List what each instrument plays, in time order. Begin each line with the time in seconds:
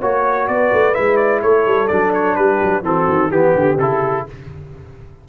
0.00 tuba A#3, trombone F#4, horn C#5, trumpet C#5
0.48 tuba B3, horn B4, trumpet D5
0.73 tuba A3
0.95 tuba G#3, trombone E4, trumpet E5
1.17 trumpet D5
1.42 tuba A3, horn A4, trumpet C#5
1.67 tuba G3
1.88 tuba F#3, trombone D4, trumpet D5
2.14 trumpet C#5
2.36 tuba G3, horn G4, trumpet B4
2.62 tuba F#3
2.82 tuba E3, trombone C4, horn F#4, trumpet A4
3.08 tuba D#3
3.31 tuba E3, trombone B3, trumpet G4, horn G4
3.55 tuba D3
3.78 tuba C#3, trombone E4, trumpet A4